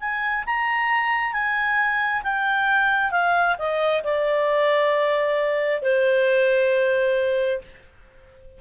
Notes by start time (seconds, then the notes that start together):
0.00 G#5
0.46 A#5
1.33 G#5
2.23 G5
3.11 F5
3.59 D#5
4.04 D5
5.82 C5